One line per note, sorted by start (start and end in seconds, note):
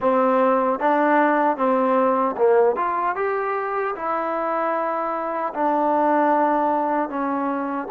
0.00 0.79 C4
0.79 1.56 D4
1.56 2.35 C4
2.37 2.76 A#3
2.76 3.15 F4
3.15 3.94 G4
3.95 5.53 E4
5.53 7.09 D4
7.09 7.88 C#4